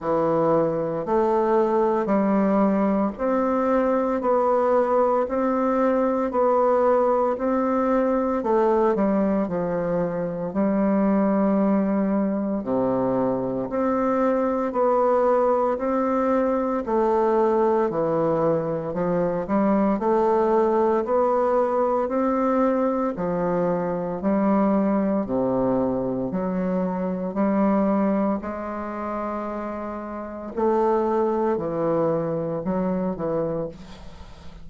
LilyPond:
\new Staff \with { instrumentName = "bassoon" } { \time 4/4 \tempo 4 = 57 e4 a4 g4 c'4 | b4 c'4 b4 c'4 | a8 g8 f4 g2 | c4 c'4 b4 c'4 |
a4 e4 f8 g8 a4 | b4 c'4 f4 g4 | c4 fis4 g4 gis4~ | gis4 a4 e4 fis8 e8 | }